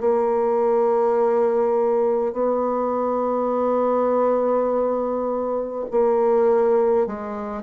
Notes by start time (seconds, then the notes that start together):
0.00 A#3
2.32 B3
5.91 A#3
7.06 G#3